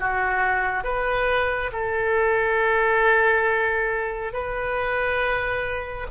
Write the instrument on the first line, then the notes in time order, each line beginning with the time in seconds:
oboe
0.00 F#4
0.84 B4
1.73 A4
4.33 B4